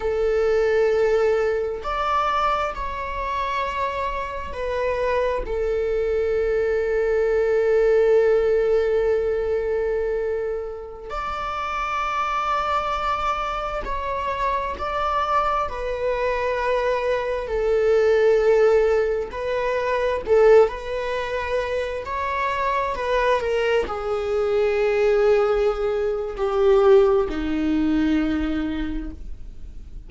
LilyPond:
\new Staff \with { instrumentName = "viola" } { \time 4/4 \tempo 4 = 66 a'2 d''4 cis''4~ | cis''4 b'4 a'2~ | a'1~ | a'16 d''2. cis''8.~ |
cis''16 d''4 b'2 a'8.~ | a'4~ a'16 b'4 a'8 b'4~ b'16~ | b'16 cis''4 b'8 ais'8 gis'4.~ gis'16~ | gis'4 g'4 dis'2 | }